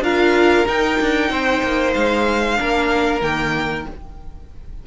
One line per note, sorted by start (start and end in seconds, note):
0.00 0.64 D4
0.00 0.66 F4
0.00 1.31 A#4
0.00 0.67 F5
0.66 2.57 D#4
0.66 1.00 D#4
0.66 1.94 G5
1.01 1.31 D4
1.31 1.62 C4
1.31 2.59 C5
1.63 1.95 A#3
1.94 2.60 G#3
1.94 3.22 F5
2.57 3.22 A#3
2.57 3.20 D4
2.57 3.87 A#4
3.22 3.86 D#3
3.22 3.87 A#3
3.22 3.86 G5